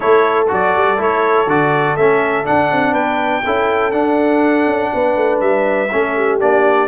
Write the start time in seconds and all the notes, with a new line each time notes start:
0.00 A3 E4 A4 C#5
0.48 F#3 F#4 D5
0.75 G3
0.97 A3 E4 C#5
1.47 D3 F#4 D5
1.96 A3 C#4 E5
2.44 D4 F#5
2.71 C4
2.92 B3 B4 G5
3.44 C#4 E4 A4
3.91 D4 F#5
4.66 C#4
4.94 B3 B4
5.16 A3
5.40 G3 E5
5.91 A3 C#4 A4
6.16 G4
6.40 A#3 D4 D5